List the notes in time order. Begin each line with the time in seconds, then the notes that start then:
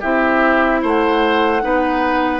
0.00 C4 E4 G4 E5
0.82 A3 C5 F#5
1.61 B3 D#4 B4